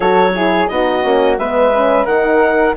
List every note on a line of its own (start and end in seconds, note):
0.00 0.69 F#3
0.00 0.35 F#4
0.00 0.31 A4
0.00 0.67 C#5
0.35 0.70 E4
0.35 0.69 G#4
0.67 1.04 B3
0.67 1.03 D#4
0.67 1.38 F#4
0.67 1.36 D#5
1.03 1.38 A#3
1.03 1.37 C#4
1.38 2.05 G#3
1.38 1.73 B3
1.38 2.05 B4
1.38 2.05 E5
1.73 2.06 C#4
2.05 2.74 D#3
2.05 2.75 D#4
2.05 2.74 A#4
2.05 2.74 F#5